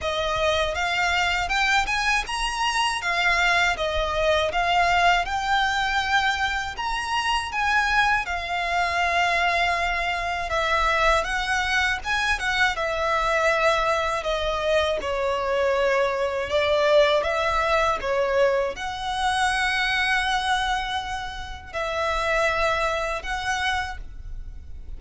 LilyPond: \new Staff \with { instrumentName = "violin" } { \time 4/4 \tempo 4 = 80 dis''4 f''4 g''8 gis''8 ais''4 | f''4 dis''4 f''4 g''4~ | g''4 ais''4 gis''4 f''4~ | f''2 e''4 fis''4 |
gis''8 fis''8 e''2 dis''4 | cis''2 d''4 e''4 | cis''4 fis''2.~ | fis''4 e''2 fis''4 | }